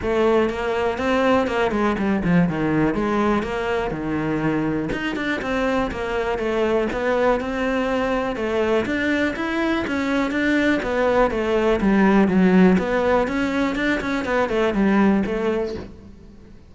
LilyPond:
\new Staff \with { instrumentName = "cello" } { \time 4/4 \tempo 4 = 122 a4 ais4 c'4 ais8 gis8 | g8 f8 dis4 gis4 ais4 | dis2 dis'8 d'8 c'4 | ais4 a4 b4 c'4~ |
c'4 a4 d'4 e'4 | cis'4 d'4 b4 a4 | g4 fis4 b4 cis'4 | d'8 cis'8 b8 a8 g4 a4 | }